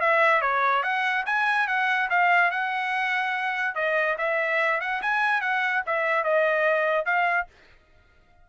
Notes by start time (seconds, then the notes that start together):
0.00 E5
0.41 C#5
0.83 F#5
1.25 G#5
1.67 F#5
2.09 F5
2.51 F#5
3.75 D#5
4.18 E5
4.80 F#5
5.01 G#5
5.41 F#5
5.86 E5
6.23 D#5
7.05 F5